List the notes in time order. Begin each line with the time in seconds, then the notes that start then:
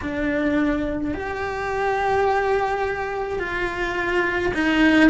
0.01 D4
1.13 G4
3.39 F4
4.53 D#4